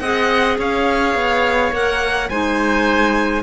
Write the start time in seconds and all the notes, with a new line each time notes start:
0.00 C4 G#4 D#5 F#5
0.58 C#4 C#5 F5
1.15 B3
1.73 A#3 A#4 F#5
2.30 G#3 D#4 C5 G#5